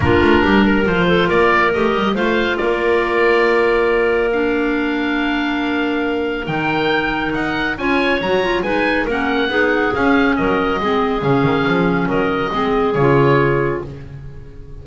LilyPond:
<<
  \new Staff \with { instrumentName = "oboe" } { \time 4/4 \tempo 4 = 139 ais'2 c''4 d''4 | dis''4 f''4 d''2~ | d''2 f''2~ | f''2. g''4~ |
g''4 fis''4 gis''4 ais''4 | gis''4 fis''2 f''4 | dis''2 f''2 | dis''2 cis''2 | }
  \new Staff \with { instrumentName = "clarinet" } { \time 4/4 f'4 g'8 ais'4 a'8 ais'4~ | ais'4 c''4 ais'2~ | ais'1~ | ais'1~ |
ais'2 cis''2 | b'4 ais'4 gis'2 | ais'4 gis'2. | ais'4 gis'2. | }
  \new Staff \with { instrumentName = "clarinet" } { \time 4/4 d'2 f'2 | g'4 f'2.~ | f'2 d'2~ | d'2. dis'4~ |
dis'2 f'4 fis'8 f'8 | dis'4 cis'4 dis'4 cis'4~ | cis'4 c'4 cis'2~ | cis'4 c'4 f'2 | }
  \new Staff \with { instrumentName = "double bass" } { \time 4/4 ais8 a8 g4 f4 ais4 | a8 g8 a4 ais2~ | ais1~ | ais2. dis4~ |
dis4 dis'4 cis'4 fis4 | gis4 ais4 b4 cis'4 | fis4 gis4 cis8 dis8 f4 | fis4 gis4 cis2 | }
>>